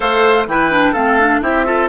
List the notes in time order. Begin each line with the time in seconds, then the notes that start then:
0.00 A3 A4 C5 F5
0.46 E3 E4 B4 G5
0.71 D4
0.92 A3 C4 A4 F5
1.19 D4
1.42 C4 E4 G4 E5
1.65 F4 A4